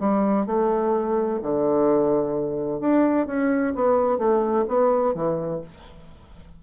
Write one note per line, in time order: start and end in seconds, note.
0.00 0.47 G3
0.47 1.40 A3
1.43 2.81 D3
2.81 3.27 D4
3.27 3.74 C#4
3.76 4.19 B3
4.19 4.66 A3
4.68 5.15 B3
5.15 5.62 E3